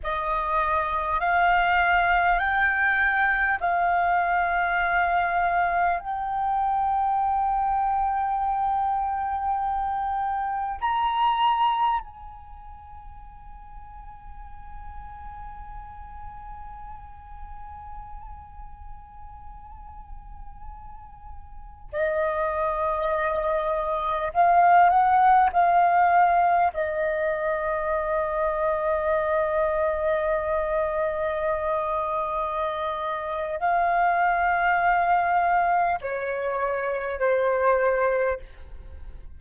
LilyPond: \new Staff \with { instrumentName = "flute" } { \time 4/4 \tempo 4 = 50 dis''4 f''4 g''4 f''4~ | f''4 g''2.~ | g''4 ais''4 gis''2~ | gis''1~ |
gis''2~ gis''16 dis''4.~ dis''16~ | dis''16 f''8 fis''8 f''4 dis''4.~ dis''16~ | dis''1 | f''2 cis''4 c''4 | }